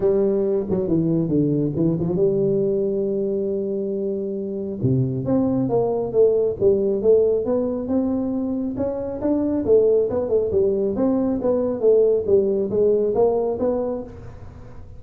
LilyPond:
\new Staff \with { instrumentName = "tuba" } { \time 4/4 \tempo 4 = 137 g4. fis8 e4 d4 | e8 f8 g2.~ | g2. c4 | c'4 ais4 a4 g4 |
a4 b4 c'2 | cis'4 d'4 a4 b8 a8 | g4 c'4 b4 a4 | g4 gis4 ais4 b4 | }